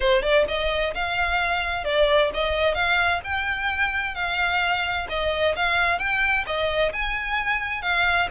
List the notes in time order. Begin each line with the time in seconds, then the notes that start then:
0.00 C5
0.22 D5
0.47 D#5
0.94 F5
1.84 D5
2.34 D#5
2.74 F5
3.24 G5
4.14 F5
5.09 D#5
5.56 F5
5.98 G5
6.46 D#5
6.93 G#5
7.82 F5